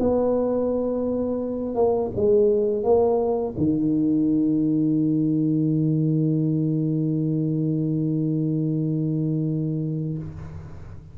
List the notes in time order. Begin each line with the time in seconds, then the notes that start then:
0.00 B3
1.76 A#3
2.16 G#3
2.84 A#3
3.58 D#3